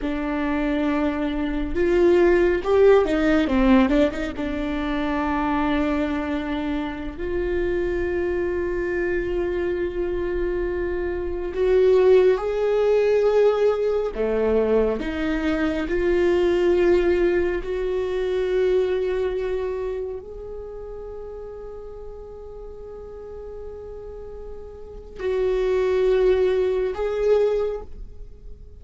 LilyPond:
\new Staff \with { instrumentName = "viola" } { \time 4/4 \tempo 4 = 69 d'2 f'4 g'8 dis'8 | c'8 d'16 dis'16 d'2.~ | d'16 f'2.~ f'8.~ | f'4~ f'16 fis'4 gis'4.~ gis'16~ |
gis'16 a4 dis'4 f'4.~ f'16~ | f'16 fis'2. gis'8.~ | gis'1~ | gis'4 fis'2 gis'4 | }